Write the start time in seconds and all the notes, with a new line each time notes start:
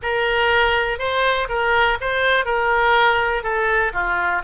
0.02 A#4
0.99 C5
1.48 A#4
2.00 C5
2.45 A#4
3.43 A4
3.93 F4